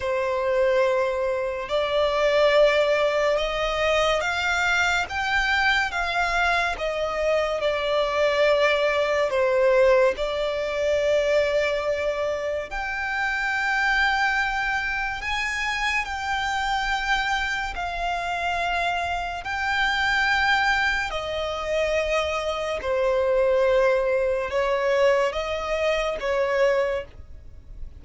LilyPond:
\new Staff \with { instrumentName = "violin" } { \time 4/4 \tempo 4 = 71 c''2 d''2 | dis''4 f''4 g''4 f''4 | dis''4 d''2 c''4 | d''2. g''4~ |
g''2 gis''4 g''4~ | g''4 f''2 g''4~ | g''4 dis''2 c''4~ | c''4 cis''4 dis''4 cis''4 | }